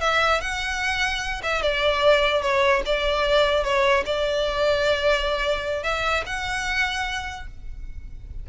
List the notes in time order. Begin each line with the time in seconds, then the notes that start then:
0.00 E5
0.40 F#5
1.43 E5
1.62 D5
2.42 C#5
2.85 D5
3.64 C#5
4.05 D5
5.83 E5
6.26 F#5